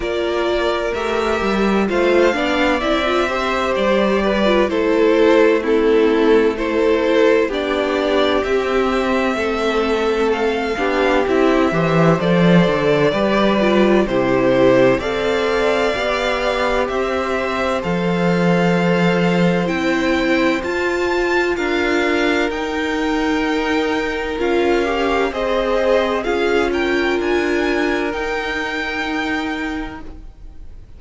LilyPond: <<
  \new Staff \with { instrumentName = "violin" } { \time 4/4 \tempo 4 = 64 d''4 e''4 f''4 e''4 | d''4 c''4 a'4 c''4 | d''4 e''2 f''4 | e''4 d''2 c''4 |
f''2 e''4 f''4~ | f''4 g''4 a''4 f''4 | g''2 f''4 dis''4 | f''8 g''8 gis''4 g''2 | }
  \new Staff \with { instrumentName = "violin" } { \time 4/4 ais'2 c''8 d''4 c''8~ | c''8 b'8 a'4 e'4 a'4 | g'2 a'4. g'8~ | g'8 c''4. b'4 g'4 |
d''2 c''2~ | c''2. ais'4~ | ais'2. c''4 | gis'8 ais'2.~ ais'8 | }
  \new Staff \with { instrumentName = "viola" } { \time 4/4 f'4 g'4 f'8 d'8 e'16 f'16 g'8~ | g'8. f'16 e'4 c'4 e'4 | d'4 c'2~ c'8 d'8 | e'8 g'8 a'4 g'8 f'8 e'4 |
a'4 g'2 a'4~ | a'4 e'4 f'2 | dis'2 f'8 g'8 gis'4 | f'2 dis'2 | }
  \new Staff \with { instrumentName = "cello" } { \time 4/4 ais4 a8 g8 a8 b8 c'4 | g4 a2. | b4 c'4 a4. b8 | c'8 e8 f8 d8 g4 c4 |
c'4 b4 c'4 f4~ | f4 c'4 f'4 d'4 | dis'2 cis'4 c'4 | cis'4 d'4 dis'2 | }
>>